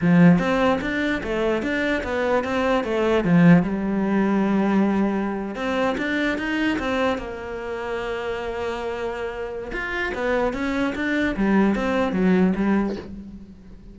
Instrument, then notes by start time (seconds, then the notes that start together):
cello
0.01 F3
0.39 C4
0.81 D4
1.23 A3
1.62 D4
2.03 B3
2.44 C4
2.84 A3
3.24 F3
3.62 G3
5.55 C4
5.97 D4
6.38 D#4
6.78 C4
7.18 A#3
9.72 F4
10.14 B3
10.53 C#4
10.95 D4
11.36 G3
11.75 C4
12.12 F#3
12.55 G3